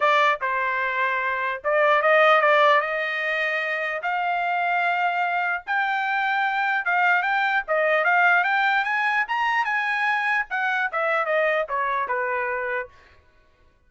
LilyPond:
\new Staff \with { instrumentName = "trumpet" } { \time 4/4 \tempo 4 = 149 d''4 c''2. | d''4 dis''4 d''4 dis''4~ | dis''2 f''2~ | f''2 g''2~ |
g''4 f''4 g''4 dis''4 | f''4 g''4 gis''4 ais''4 | gis''2 fis''4 e''4 | dis''4 cis''4 b'2 | }